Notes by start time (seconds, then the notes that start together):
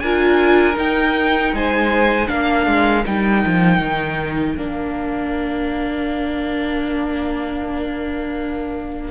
0.00 D4 F4 A#4 G#5
0.74 D#4 G5
1.53 G#3 C5 G#5
2.27 A#3 D4 A#4 F5
2.67 G#3
3.06 G3 D#4 G5
3.46 F3
3.79 D#3
4.57 A#3 D4 F5